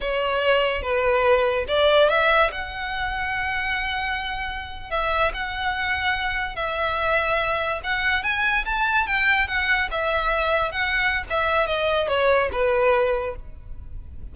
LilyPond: \new Staff \with { instrumentName = "violin" } { \time 4/4 \tempo 4 = 144 cis''2 b'2 | d''4 e''4 fis''2~ | fis''2.~ fis''8. e''16~ | e''8. fis''2. e''16~ |
e''2~ e''8. fis''4 gis''16~ | gis''8. a''4 g''4 fis''4 e''16~ | e''4.~ e''16 fis''4~ fis''16 e''4 | dis''4 cis''4 b'2 | }